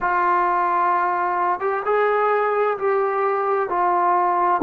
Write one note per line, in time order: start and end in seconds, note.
0.00 1.59 F4
1.59 1.83 G4
1.85 2.77 G#4
2.78 3.69 G4
3.69 4.61 F4